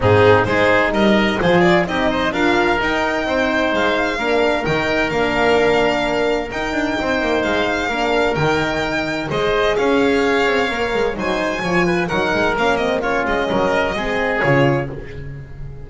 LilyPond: <<
  \new Staff \with { instrumentName = "violin" } { \time 4/4 \tempo 4 = 129 gis'4 c''4 dis''4 c''8 d''8 | dis''4 f''4 g''2 | f''2 g''4 f''4~ | f''2 g''2 |
f''2 g''2 | dis''4 f''2. | gis''2 fis''4 f''8 dis''8 | cis''8 dis''2~ dis''8 cis''4 | }
  \new Staff \with { instrumentName = "oboe" } { \time 4/4 dis'4 gis'4 ais'4 gis'4 | g'8 c''8 ais'2 c''4~ | c''4 ais'2.~ | ais'2. c''4~ |
c''4 ais'2. | c''4 cis''2. | c''4 cis''8 b'8 ais'2 | f'4 ais'4 gis'2 | }
  \new Staff \with { instrumentName = "horn" } { \time 4/4 c'4 dis'2 f'4 | dis'4 f'4 dis'2~ | dis'4 d'4 dis'4 d'4~ | d'2 dis'2~ |
dis'4 d'4 dis'2 | gis'2. ais'4 | dis'4 f'4 dis'4 cis'8 c'8 | cis'2 c'4 f'4 | }
  \new Staff \with { instrumentName = "double bass" } { \time 4/4 gis,4 gis4 g4 f4 | c'4 d'4 dis'4 c'4 | gis4 ais4 dis4 ais4~ | ais2 dis'8 d'8 c'8 ais8 |
gis4 ais4 dis2 | gis4 cis'4. c'8 ais8 gis8 | fis4 f4 fis8 gis8 ais4~ | ais8 gis8 fis4 gis4 cis4 | }
>>